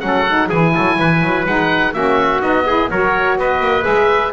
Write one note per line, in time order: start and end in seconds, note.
0.00 0.50 F#3
0.00 0.25 C#4
0.00 0.48 F#5
0.07 0.48 A4
0.28 0.51 D#4
0.48 0.75 E3
0.48 1.47 E4
0.48 0.72 G#4
0.48 1.46 G#5
0.74 0.99 F#3
0.74 0.98 A4
0.99 1.22 E3
0.99 1.95 B4
1.22 1.46 F#3
1.46 1.93 G#3
1.46 1.94 D#4
1.46 1.93 F#5
1.93 2.41 A#3
1.93 2.41 C#4
1.93 2.66 F#4
1.93 2.41 E5
2.41 2.90 B3
2.41 2.65 D#4
2.41 2.89 D#5
2.66 2.90 E4
2.66 2.90 G#4
2.90 3.37 F#3
2.90 3.81 F#4
2.90 3.38 A#4
2.90 3.38 C#5
3.37 3.60 B3
3.37 4.33 B4
3.37 3.84 D#5
3.60 3.84 A#3
3.81 4.33 G#3
3.81 4.29 G#4
3.81 4.32 E5